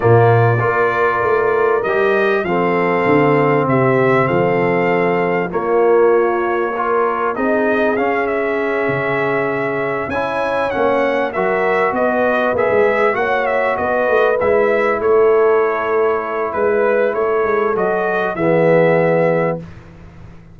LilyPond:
<<
  \new Staff \with { instrumentName = "trumpet" } { \time 4/4 \tempo 4 = 98 d''2. dis''4 | f''2 e''4 f''4~ | f''4 cis''2. | dis''4 f''8 e''2~ e''8~ |
e''8 gis''4 fis''4 e''4 dis''8~ | dis''8 e''4 fis''8 e''8 dis''4 e''8~ | e''8 cis''2~ cis''8 b'4 | cis''4 dis''4 e''2 | }
  \new Staff \with { instrumentName = "horn" } { \time 4/4 f'4 ais'2. | a'2 g'4 a'4~ | a'4 f'2 ais'4 | gis'1~ |
gis'8 cis''2 ais'4 b'8~ | b'4. cis''4 b'4.~ | b'8 a'2~ a'8 b'4 | a'2 gis'2 | }
  \new Staff \with { instrumentName = "trombone" } { \time 4/4 ais4 f'2 g'4 | c'1~ | c'4 ais2 f'4 | dis'4 cis'2.~ |
cis'8 e'4 cis'4 fis'4.~ | fis'8 gis'4 fis'2 e'8~ | e'1~ | e'4 fis'4 b2 | }
  \new Staff \with { instrumentName = "tuba" } { \time 4/4 ais,4 ais4 a4 g4 | f4 d4 c4 f4~ | f4 ais2. | c'4 cis'4. cis4.~ |
cis8 cis'4 ais4 fis4 b8~ | b8 ais16 gis8. ais4 b8 a8 gis8~ | gis8 a2~ a8 gis4 | a8 gis8 fis4 e2 | }
>>